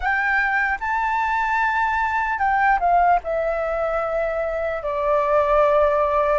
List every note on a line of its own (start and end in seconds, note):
0.00 0.78 G5
0.80 2.39 A5
2.39 2.79 G5
2.79 3.19 F5
3.23 4.83 E5
4.83 6.39 D5